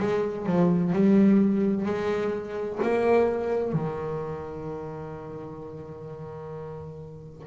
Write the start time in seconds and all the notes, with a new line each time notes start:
0.00 G#3
0.47 F3
0.93 G3
1.86 G#3
2.83 A#3
3.73 D#3